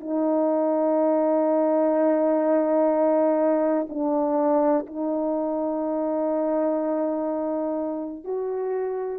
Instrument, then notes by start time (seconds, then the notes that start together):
horn
0.00 D#4
3.89 D4
4.87 D#4
8.24 F#4